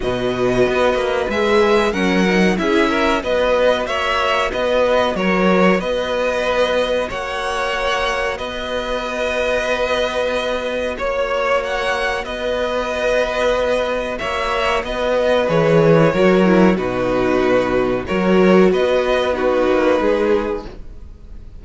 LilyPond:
<<
  \new Staff \with { instrumentName = "violin" } { \time 4/4 \tempo 4 = 93 dis''2 e''4 fis''4 | e''4 dis''4 e''4 dis''4 | cis''4 dis''2 fis''4~ | fis''4 dis''2.~ |
dis''4 cis''4 fis''4 dis''4~ | dis''2 e''4 dis''4 | cis''2 b'2 | cis''4 dis''4 b'2 | }
  \new Staff \with { instrumentName = "violin" } { \time 4/4 b'2. ais'4 | gis'8 ais'8 b'4 cis''4 b'4 | ais'4 b'2 cis''4~ | cis''4 b'2.~ |
b'4 cis''2 b'4~ | b'2 cis''4 b'4~ | b'4 ais'4 fis'2 | ais'4 b'4 fis'4 gis'4 | }
  \new Staff \with { instrumentName = "viola" } { \time 4/4 fis'2 gis'4 cis'8 dis'8 | e'4 fis'2.~ | fis'1~ | fis'1~ |
fis'1~ | fis'1 | gis'4 fis'8 e'8 dis'2 | fis'2 dis'2 | }
  \new Staff \with { instrumentName = "cello" } { \time 4/4 b,4 b8 ais8 gis4 fis4 | cis'4 b4 ais4 b4 | fis4 b2 ais4~ | ais4 b2.~ |
b4 ais2 b4~ | b2 ais4 b4 | e4 fis4 b,2 | fis4 b4. ais8 gis4 | }
>>